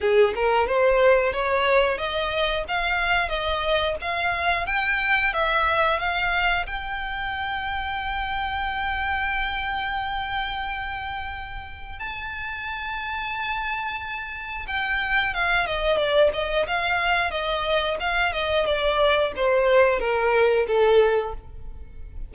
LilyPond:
\new Staff \with { instrumentName = "violin" } { \time 4/4 \tempo 4 = 90 gis'8 ais'8 c''4 cis''4 dis''4 | f''4 dis''4 f''4 g''4 | e''4 f''4 g''2~ | g''1~ |
g''2 a''2~ | a''2 g''4 f''8 dis''8 | d''8 dis''8 f''4 dis''4 f''8 dis''8 | d''4 c''4 ais'4 a'4 | }